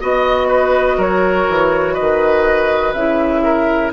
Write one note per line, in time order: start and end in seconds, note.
0.00 0.97 B3
0.00 2.95 F#4
0.00 0.47 D#5
0.00 1.01 D#5
0.47 0.96 B4
0.97 1.46 F#3
0.97 1.93 A#4
0.97 1.94 C#5
1.49 1.98 E3
1.93 3.41 B4
1.93 2.92 D#5
2.00 2.93 D#3
2.93 3.91 C#3
2.93 3.92 E4
2.93 3.91 E5
3.43 3.92 A#4